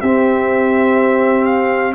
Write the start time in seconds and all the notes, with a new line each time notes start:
0.00 C4 G4 E5
1.44 F5